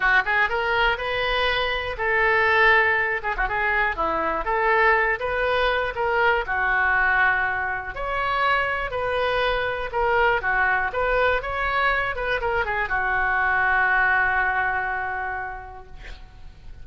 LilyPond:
\new Staff \with { instrumentName = "oboe" } { \time 4/4 \tempo 4 = 121 fis'8 gis'8 ais'4 b'2 | a'2~ a'8 gis'16 fis'16 gis'4 | e'4 a'4. b'4. | ais'4 fis'2. |
cis''2 b'2 | ais'4 fis'4 b'4 cis''4~ | cis''8 b'8 ais'8 gis'8 fis'2~ | fis'1 | }